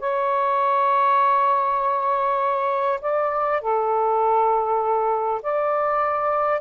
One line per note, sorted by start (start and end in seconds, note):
0.00 3.00 C#5
3.02 3.62 D5
3.62 5.42 A4
5.43 6.61 D5